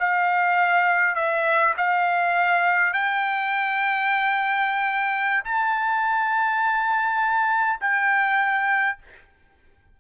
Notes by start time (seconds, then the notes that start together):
0.00 F5
1.16 E5
1.78 F5
2.94 G5
5.45 A5
7.81 G5